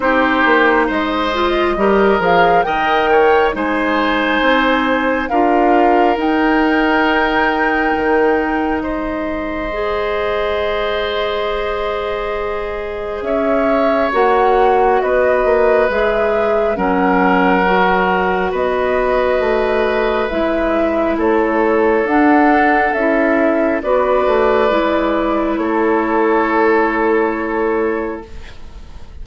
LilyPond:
<<
  \new Staff \with { instrumentName = "flute" } { \time 4/4 \tempo 4 = 68 c''4 dis''4. f''8 g''4 | gis''2 f''4 g''4~ | g''2 dis''2~ | dis''2. e''4 |
fis''4 dis''4 e''4 fis''4~ | fis''4 dis''2 e''4 | cis''4 fis''4 e''4 d''4~ | d''4 cis''2. | }
  \new Staff \with { instrumentName = "oboe" } { \time 4/4 g'4 c''4 ais'4 dis''8 cis''8 | c''2 ais'2~ | ais'2 c''2~ | c''2. cis''4~ |
cis''4 b'2 ais'4~ | ais'4 b'2. | a'2. b'4~ | b'4 a'2. | }
  \new Staff \with { instrumentName = "clarinet" } { \time 4/4 dis'4. f'8 g'8 gis'8 ais'4 | dis'2 f'4 dis'4~ | dis'2. gis'4~ | gis'1 |
fis'2 gis'4 cis'4 | fis'2. e'4~ | e'4 d'4 e'4 fis'4 | e'1 | }
  \new Staff \with { instrumentName = "bassoon" } { \time 4/4 c'8 ais8 gis4 g8 f8 dis4 | gis4 c'4 d'4 dis'4~ | dis'4 dis4 gis2~ | gis2. cis'4 |
ais4 b8 ais8 gis4 fis4~ | fis4 b4 a4 gis4 | a4 d'4 cis'4 b8 a8 | gis4 a2. | }
>>